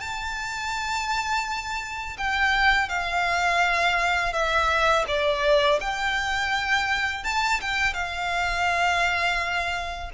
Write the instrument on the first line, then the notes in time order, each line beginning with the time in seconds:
violin
0.00 A5
2.18 G5
2.88 F5
4.32 E5
5.07 D5
5.80 G5
7.24 A5
7.61 G5
7.94 F5